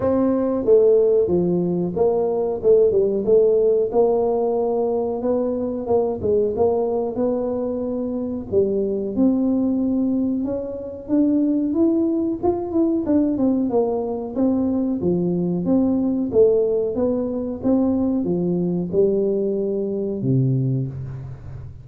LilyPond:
\new Staff \with { instrumentName = "tuba" } { \time 4/4 \tempo 4 = 92 c'4 a4 f4 ais4 | a8 g8 a4 ais2 | b4 ais8 gis8 ais4 b4~ | b4 g4 c'2 |
cis'4 d'4 e'4 f'8 e'8 | d'8 c'8 ais4 c'4 f4 | c'4 a4 b4 c'4 | f4 g2 c4 | }